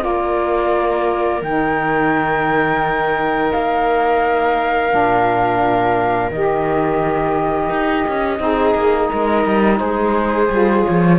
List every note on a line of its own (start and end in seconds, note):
0.00 1.42 A#3
0.00 1.40 F4
0.00 8.41 A#4
0.00 1.43 D5
1.42 3.51 D#3
1.42 4.90 D#4
1.42 3.52 G5
3.52 4.94 A#3
3.52 6.31 F5
4.90 6.31 A#2
4.90 6.30 D4
6.31 7.70 D#3
6.31 8.37 G4
6.31 9.79 D#5
7.70 8.05 D#4
8.08 8.40 C#4
8.37 8.74 C4
8.37 10.47 D#4
8.37 9.10 G#4
8.75 9.10 A#3
9.10 9.46 G#3
9.10 9.80 A#4
9.46 9.80 G3
9.79 10.50 G#3
9.79 11.19 G#4
9.79 10.84 C5
10.50 10.85 G3
10.50 11.19 F4
10.85 11.19 F3
10.85 11.19 C#5